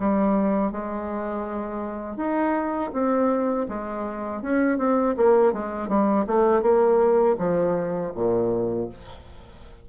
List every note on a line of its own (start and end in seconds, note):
0.00 0.72 G3
0.72 2.17 G#3
2.17 2.91 D#4
2.93 3.67 C4
3.69 4.43 G#3
4.43 4.78 C#4
4.78 5.15 C4
5.17 5.53 A#3
5.53 5.89 G#3
5.89 6.26 G3
6.27 6.63 A3
6.63 7.37 A#3
7.39 8.13 F3
8.15 8.89 A#2